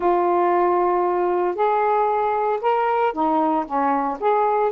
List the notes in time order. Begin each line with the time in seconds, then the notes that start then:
0.00 F4
1.55 G#4
2.61 A#4
3.13 D#4
3.65 C#4
4.20 G#4